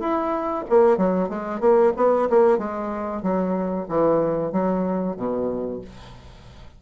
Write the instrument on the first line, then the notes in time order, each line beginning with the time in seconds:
bassoon
0.00 E4
0.70 A#3
0.98 F#3
1.29 G#3
1.60 A#3
1.97 B3
2.30 A#3
2.58 G#3
3.23 F#3
3.89 E3
4.52 F#3
5.17 B2